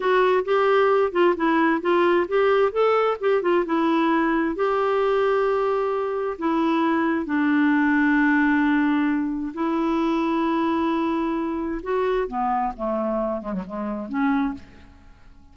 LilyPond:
\new Staff \with { instrumentName = "clarinet" } { \time 4/4 \tempo 4 = 132 fis'4 g'4. f'8 e'4 | f'4 g'4 a'4 g'8 f'8 | e'2 g'2~ | g'2 e'2 |
d'1~ | d'4 e'2.~ | e'2 fis'4 b4 | a4. gis16 fis16 gis4 cis'4 | }